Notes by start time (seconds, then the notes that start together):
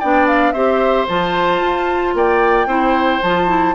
0.00 B3 D4 D5 G5
0.27 F5
0.52 C4 G4 C5 E5
1.08 F3 F4 A5
1.61 F4
2.15 A#3 D5 G5
2.66 C4 E4 C5
3.23 F3 F4 A5
3.47 E4